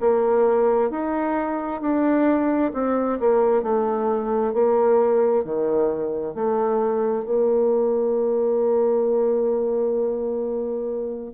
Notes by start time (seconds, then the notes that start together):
0.00 A#3
0.90 D#4
1.81 D4
2.73 C4
3.19 A#3
3.62 A3
4.53 A#3
5.44 D#3
6.34 A3
7.25 A#3